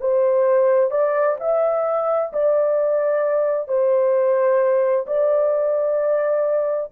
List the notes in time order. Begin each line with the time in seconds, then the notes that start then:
0.00 C5
0.90 D5
1.40 E5
2.32 D5
3.68 C5
5.06 D5